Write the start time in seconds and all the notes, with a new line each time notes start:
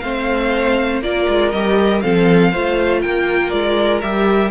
0.00 A3 C4 C5 F5
1.02 A#3 F4 A#4 D5
1.28 G#3
1.51 G3 G4 D#5
2.01 F3 C4 A4 F5
2.51 A3 F4 C5
3.02 A#3 A#4 G5
3.50 G#3 D5
4.02 G3 G4 E5